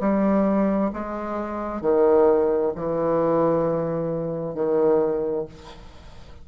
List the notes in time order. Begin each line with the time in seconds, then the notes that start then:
0.00 G3
0.93 G#3
1.81 D#3
2.75 E3
4.55 D#3